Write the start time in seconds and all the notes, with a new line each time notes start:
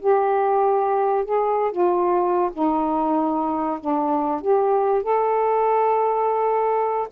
0.00 G4
1.25 G#4
1.71 F4
2.53 D#4
3.80 D4
4.41 G4
5.03 A4